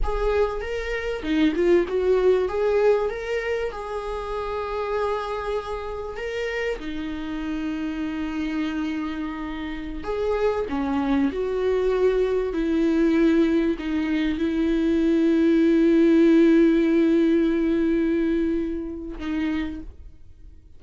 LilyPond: \new Staff \with { instrumentName = "viola" } { \time 4/4 \tempo 4 = 97 gis'4 ais'4 dis'8 f'8 fis'4 | gis'4 ais'4 gis'2~ | gis'2 ais'4 dis'4~ | dis'1~ |
dis'16 gis'4 cis'4 fis'4.~ fis'16~ | fis'16 e'2 dis'4 e'8.~ | e'1~ | e'2. dis'4 | }